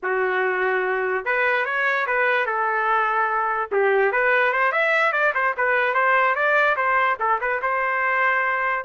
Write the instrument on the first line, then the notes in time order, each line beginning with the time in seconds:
trumpet
0.02 F#4
1.25 B4
1.65 C#5
2.06 B4
2.46 A4
3.71 G4
4.12 B4
4.52 C5
4.72 E5
5.12 D5
5.34 C5
5.57 B4
5.94 C5
6.35 D5
6.76 C5
7.19 A4
7.40 B4
7.62 C5